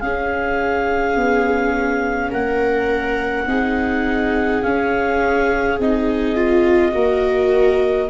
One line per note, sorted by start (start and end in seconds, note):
0.00 3.48 C#4
0.00 1.16 C#4
0.00 2.31 G#4
0.00 2.31 F5
1.16 2.31 B3
2.31 3.46 A#3
2.31 3.46 A#4
2.31 4.62 F#5
3.46 4.62 C4
3.46 4.62 D#4
3.46 6.94 G#4
4.62 5.77 C#4
4.62 5.78 C#4
4.62 5.78 F5
5.78 6.94 C4
5.78 6.35 D#4
5.78 8.10 D#5
6.35 6.92 F4
6.92 8.09 A#3
6.92 8.07 F#4
6.92 8.10 A#4